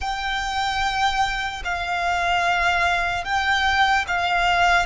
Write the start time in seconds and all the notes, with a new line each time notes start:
0.00 G5
1.64 F5
3.24 G5
4.07 F5